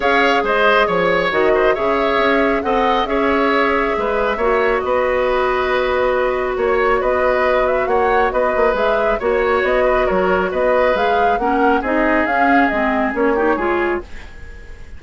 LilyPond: <<
  \new Staff \with { instrumentName = "flute" } { \time 4/4 \tempo 4 = 137 f''4 dis''4 cis''4 dis''4 | e''2 fis''4 e''4~ | e''2. dis''4~ | dis''2. cis''4 |
dis''4. e''8 fis''4 dis''4 | e''4 cis''4 dis''4 cis''4 | dis''4 f''4 fis''4 dis''4 | f''4 dis''4 cis''2 | }
  \new Staff \with { instrumentName = "oboe" } { \time 4/4 cis''4 c''4 cis''4. c''8 | cis''2 dis''4 cis''4~ | cis''4 b'4 cis''4 b'4~ | b'2. cis''4 |
b'2 cis''4 b'4~ | b'4 cis''4. b'8 ais'4 | b'2 ais'4 gis'4~ | gis'2~ gis'8 g'8 gis'4 | }
  \new Staff \with { instrumentName = "clarinet" } { \time 4/4 gis'2. fis'4 | gis'2 a'4 gis'4~ | gis'2 fis'2~ | fis'1~ |
fis'1 | gis'4 fis'2.~ | fis'4 gis'4 cis'4 dis'4 | cis'4 c'4 cis'8 dis'8 f'4 | }
  \new Staff \with { instrumentName = "bassoon" } { \time 4/4 cis'4 gis4 f4 dis4 | cis4 cis'4 c'4 cis'4~ | cis'4 gis4 ais4 b4~ | b2. ais4 |
b2 ais4 b8 ais8 | gis4 ais4 b4 fis4 | b4 gis4 ais4 c'4 | cis'4 gis4 ais4 gis4 | }
>>